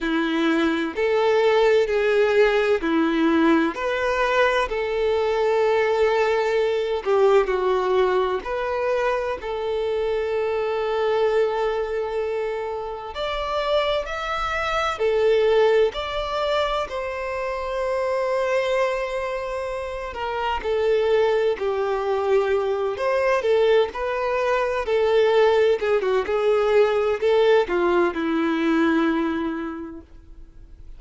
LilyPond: \new Staff \with { instrumentName = "violin" } { \time 4/4 \tempo 4 = 64 e'4 a'4 gis'4 e'4 | b'4 a'2~ a'8 g'8 | fis'4 b'4 a'2~ | a'2 d''4 e''4 |
a'4 d''4 c''2~ | c''4. ais'8 a'4 g'4~ | g'8 c''8 a'8 b'4 a'4 gis'16 fis'16 | gis'4 a'8 f'8 e'2 | }